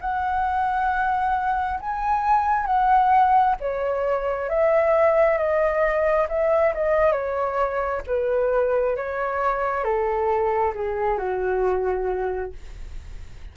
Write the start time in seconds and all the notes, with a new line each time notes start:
0.00 F#5
1.80 G#5
2.66 F#5
3.59 C#5
4.49 E5
5.37 D#5
6.28 E5
6.74 D#5
7.12 C#5
8.06 B4
8.96 C#5
9.83 A4
10.74 G#4
11.18 F#4